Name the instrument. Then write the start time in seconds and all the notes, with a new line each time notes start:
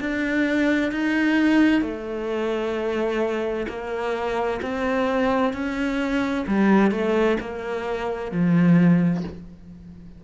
cello
0.00 D4
0.91 D#4
1.82 A3
3.68 A#3
4.62 C4
5.53 C#4
6.47 G3
6.91 A3
7.40 A#3
8.32 F3